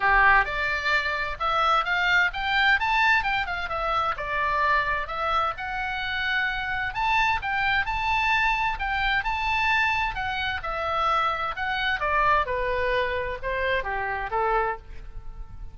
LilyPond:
\new Staff \with { instrumentName = "oboe" } { \time 4/4 \tempo 4 = 130 g'4 d''2 e''4 | f''4 g''4 a''4 g''8 f''8 | e''4 d''2 e''4 | fis''2. a''4 |
g''4 a''2 g''4 | a''2 fis''4 e''4~ | e''4 fis''4 d''4 b'4~ | b'4 c''4 g'4 a'4 | }